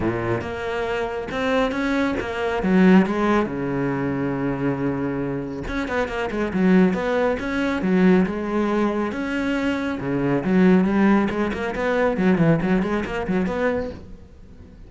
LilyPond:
\new Staff \with { instrumentName = "cello" } { \time 4/4 \tempo 4 = 138 ais,4 ais2 c'4 | cis'4 ais4 fis4 gis4 | cis1~ | cis4 cis'8 b8 ais8 gis8 fis4 |
b4 cis'4 fis4 gis4~ | gis4 cis'2 cis4 | fis4 g4 gis8 ais8 b4 | fis8 e8 fis8 gis8 ais8 fis8 b4 | }